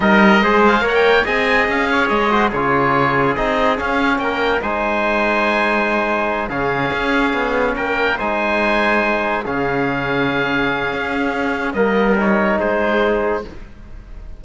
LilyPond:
<<
  \new Staff \with { instrumentName = "oboe" } { \time 4/4 \tempo 4 = 143 dis''4. f''8 fis''16 g''8. gis''4 | f''4 dis''4 cis''2 | dis''4 f''4 g''4 gis''4~ | gis''2.~ gis''8 f''8~ |
f''2~ f''8 g''4 gis''8~ | gis''2~ gis''8 f''4.~ | f''1 | dis''4 cis''4 c''2 | }
  \new Staff \with { instrumentName = "trumpet" } { \time 4/4 ais'4 c''4 cis''4 dis''4~ | dis''8 cis''4 c''8 gis'2~ | gis'2 ais'4 c''4~ | c''2.~ c''8 gis'8~ |
gis'2~ gis'8 ais'4 c''8~ | c''2~ c''8 gis'4.~ | gis'1 | ais'2 gis'2 | }
  \new Staff \with { instrumentName = "trombone" } { \time 4/4 dis'4 gis'4 ais'4 gis'4~ | gis'4. fis'8 f'2 | dis'4 cis'2 dis'4~ | dis'2.~ dis'8 cis'8~ |
cis'2.~ cis'8 dis'8~ | dis'2~ dis'8 cis'4.~ | cis'1 | ais4 dis'2. | }
  \new Staff \with { instrumentName = "cello" } { \time 4/4 g4 gis4 ais4 c'4 | cis'4 gis4 cis2 | c'4 cis'4 ais4 gis4~ | gis2.~ gis8 cis8~ |
cis8 cis'4 b4 ais4 gis8~ | gis2~ gis8 cis4.~ | cis2 cis'2 | g2 gis2 | }
>>